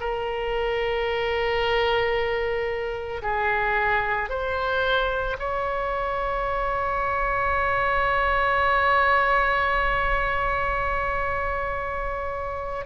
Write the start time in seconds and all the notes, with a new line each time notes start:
0.00 A#4
3.22 G#4
4.29 C5
5.39 C#5